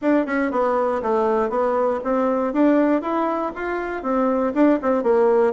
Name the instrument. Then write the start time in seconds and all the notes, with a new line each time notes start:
bassoon
0.01 D4
0.26 C#4
0.51 B3
1.02 A3
1.49 B3
2.04 C4
2.53 D4
3.01 E4
3.55 F4
4.02 C4
4.54 D4
4.82 C4
5.03 A#3